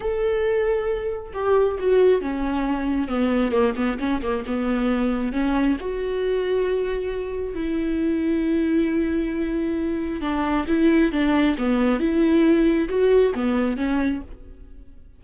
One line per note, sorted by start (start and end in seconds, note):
0.00 1.33 A4
1.33 1.78 G4
1.79 2.21 F#4
2.21 3.07 C#4
3.07 3.51 B3
3.51 3.73 A#3
3.76 3.98 B3
3.99 4.21 C#4
4.22 4.44 A#3
4.46 5.32 B3
5.32 5.77 C#4
5.79 7.54 F#4
7.54 10.21 E4
10.21 10.65 D4
10.67 11.12 E4
11.12 11.56 D4
11.57 11.99 B3
11.99 12.88 E4
12.88 13.33 F#4
13.34 13.76 B3
13.76 14.21 C#4